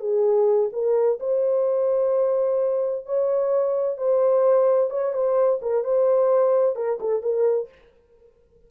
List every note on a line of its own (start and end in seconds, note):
0.00 0.70 G#4
0.73 1.19 A#4
1.20 3.06 C5
3.06 3.97 C#5
3.97 4.90 C5
4.90 5.13 C#5
5.13 5.60 C5
5.62 5.84 A#4
5.84 6.76 C5
6.76 6.99 A#4
7.00 7.22 A4
7.22 7.69 A#4